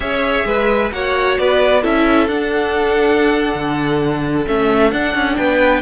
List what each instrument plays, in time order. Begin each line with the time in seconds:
0.00 cello C#4, viola G#4, violin C#5 E5
0.45 cello G#3, violin B4
0.91 cello A#3, viola F#4, violin C#5 F#5
1.37 cello B3, violin B4 D5
1.82 cello C#4, viola E4, violin A4 E5
2.28 cello D4, viola D4, violin F#5
3.54 cello D3
4.46 cello A3, viola C#4, violin E5
4.91 cello D4, viola D4, violin F#5
5.14 cello C#4
5.36 cello B3, violin B4 G5